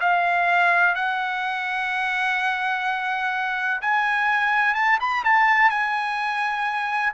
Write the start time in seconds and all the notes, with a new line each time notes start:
0.00 F5
0.95 F#5
3.81 G#5
4.74 A5
5.00 B5
5.24 A5
5.70 G#5